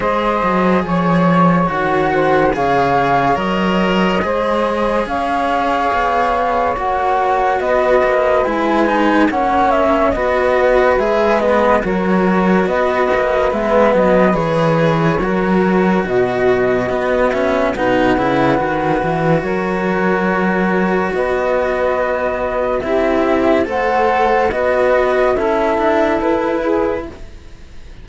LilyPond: <<
  \new Staff \with { instrumentName = "flute" } { \time 4/4 \tempo 4 = 71 dis''4 cis''4 fis''4 f''4 | dis''2 f''2 | fis''4 dis''4 gis''4 fis''8 e''8 | dis''4 e''8 dis''8 cis''4 dis''4 |
e''8 dis''8 cis''2 dis''4~ | dis''8 e''8 fis''2 cis''4~ | cis''4 dis''2 e''4 | fis''4 dis''4 e''4 b'4 | }
  \new Staff \with { instrumentName = "saxophone" } { \time 4/4 c''4 cis''4. c''8 cis''4~ | cis''4 c''4 cis''2~ | cis''4 b'2 cis''4 | b'2 ais'4 b'4~ |
b'2 ais'4 fis'4~ | fis'4 b'2 ais'4~ | ais'4 b'2 g'4 | c''4 b'4 a'4. gis'8 | }
  \new Staff \with { instrumentName = "cello" } { \time 4/4 gis'2 fis'4 gis'4 | ais'4 gis'2. | fis'2 e'8 dis'8 cis'4 | fis'4 gis'8 b8 fis'2 |
b4 gis'4 fis'2 | b8 cis'8 dis'8 e'8 fis'2~ | fis'2. e'4 | a'4 fis'4 e'2 | }
  \new Staff \with { instrumentName = "cello" } { \time 4/4 gis8 fis8 f4 dis4 cis4 | fis4 gis4 cis'4 b4 | ais4 b8 ais8 gis4 ais4 | b4 gis4 fis4 b8 ais8 |
gis8 fis8 e4 fis4 b,4 | b4 b,8 cis8 dis8 e8 fis4~ | fis4 b2 c'4 | a4 b4 cis'8 d'8 e'4 | }
>>